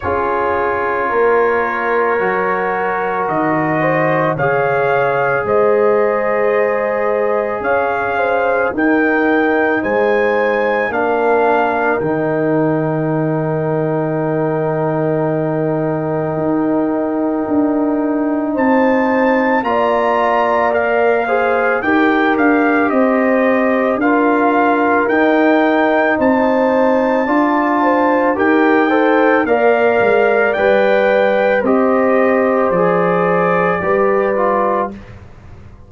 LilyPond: <<
  \new Staff \with { instrumentName = "trumpet" } { \time 4/4 \tempo 4 = 55 cis''2. dis''4 | f''4 dis''2 f''4 | g''4 gis''4 f''4 g''4~ | g''1~ |
g''4 a''4 ais''4 f''4 | g''8 f''8 dis''4 f''4 g''4 | a''2 g''4 f''4 | g''4 dis''4 d''2 | }
  \new Staff \with { instrumentName = "horn" } { \time 4/4 gis'4 ais'2~ ais'8 c''8 | cis''4 c''2 cis''8 c''8 | ais'4 c''4 ais'2~ | ais'1~ |
ais'4 c''4 d''4. c''8 | ais'4 c''4 ais'2 | c''4 d''8 c''8 ais'8 c''8 d''4~ | d''4 c''2 b'4 | }
  \new Staff \with { instrumentName = "trombone" } { \time 4/4 f'2 fis'2 | gis'1 | dis'2 d'4 dis'4~ | dis'1~ |
dis'2 f'4 ais'8 gis'8 | g'2 f'4 dis'4~ | dis'4 f'4 g'8 a'8 ais'4 | b'4 g'4 gis'4 g'8 f'8 | }
  \new Staff \with { instrumentName = "tuba" } { \time 4/4 cis'4 ais4 fis4 dis4 | cis4 gis2 cis'4 | dis'4 gis4 ais4 dis4~ | dis2. dis'4 |
d'4 c'4 ais2 | dis'8 d'8 c'4 d'4 dis'4 | c'4 d'4 dis'4 ais8 gis8 | g4 c'4 f4 g4 | }
>>